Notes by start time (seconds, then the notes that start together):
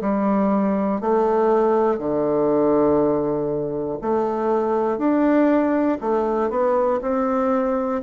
0.00 G3
1.00 A3
1.98 D3
4.01 A3
4.98 D4
6.00 A3
6.50 B3
7.01 C4